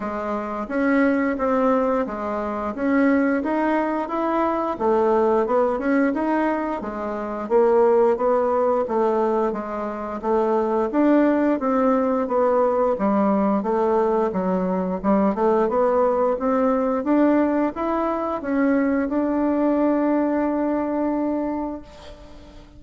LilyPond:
\new Staff \with { instrumentName = "bassoon" } { \time 4/4 \tempo 4 = 88 gis4 cis'4 c'4 gis4 | cis'4 dis'4 e'4 a4 | b8 cis'8 dis'4 gis4 ais4 | b4 a4 gis4 a4 |
d'4 c'4 b4 g4 | a4 fis4 g8 a8 b4 | c'4 d'4 e'4 cis'4 | d'1 | }